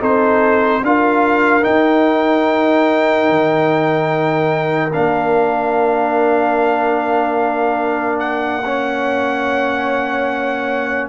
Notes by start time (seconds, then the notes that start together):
0.00 C4 D#4 A4 C5
0.82 D4 F4 A#4 F5
1.62 D#4 G5
3.29 D#3
4.93 A#3 D4 F5
8.20 F#5
8.64 C#4 C#5